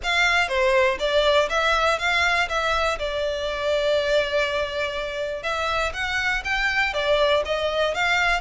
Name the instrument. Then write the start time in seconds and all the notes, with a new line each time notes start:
violin
0.03 F5
0.48 C5
0.99 D5
1.49 E5
1.98 F5
2.49 E5
2.98 D5
5.43 E5
5.93 F#5
6.44 G5
6.93 D5
7.45 D#5
7.94 F5